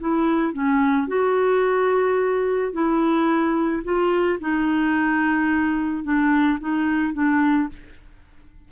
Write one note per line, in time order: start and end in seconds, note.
0.00 0.53 E4
0.53 1.08 C#4
1.08 2.73 F#4
2.73 3.83 E4
3.84 4.39 F4
4.40 6.04 D#4
6.04 6.59 D4
6.60 7.13 D#4
7.13 7.68 D4